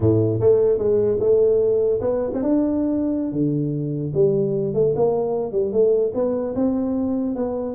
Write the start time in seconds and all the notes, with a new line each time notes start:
0.00 A2
0.40 A3
0.78 G#3
1.20 A3
2.00 B3
2.33 C4
2.42 D4
3.32 D3
4.14 G3
4.74 A3
4.95 A#3
5.52 G3
5.72 A3
6.14 B3
6.55 C4
7.35 B3